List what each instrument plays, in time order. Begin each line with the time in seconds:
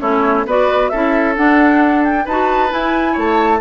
0.00 bassoon A3, clarinet C#4, oboe E4, flute C#5
0.46 bassoon B3, clarinet F#4, oboe B4, flute D5
0.89 bassoon C#4, clarinet E4, oboe A4, flute E5
1.35 clarinet D4, bassoon D4, flute F#5
2.04 flute G5
2.25 bassoon D#4, clarinet F#4, oboe B4, flute A5
2.69 clarinet E4, bassoon E4, flute G#5
3.12 bassoon A3, oboe C#5
3.19 flute A5